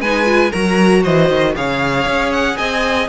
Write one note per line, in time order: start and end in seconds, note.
0.00 0.51 G#3
0.00 0.25 D#4
0.00 0.50 B4
0.00 0.52 G#5
0.25 0.51 F4
0.50 1.05 F#3
0.50 1.55 F#4
0.50 1.02 A#4
0.50 1.03 A#5
1.03 1.29 E3
1.03 1.54 C5
1.03 1.55 D#5
1.29 1.54 D#3
1.55 2.06 C#3
1.55 3.08 G#4
1.55 2.57 C#5
1.55 2.32 F5
2.06 2.57 C#4
2.32 2.57 F#5
2.57 3.08 C4
2.57 3.08 D#5
2.57 3.08 G#5